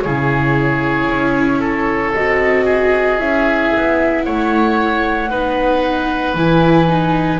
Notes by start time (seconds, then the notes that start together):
0.00 C#3 E4 G#4 C#5
1.09 C#4
1.59 A4
2.13 C4 F#4 D#5
2.64 G#4
3.18 C#4 E4 E5
3.76 B3
4.24 A3 C#5 F#5
5.30 B3 D#4 B4
6.34 E3 E4 G#5
6.87 D#4